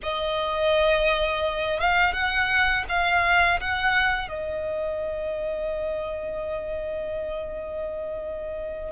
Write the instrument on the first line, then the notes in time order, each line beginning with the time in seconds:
violin
0.02 D#5
1.80 F5
2.13 F#5
2.88 F5
3.60 F#5
4.28 D#5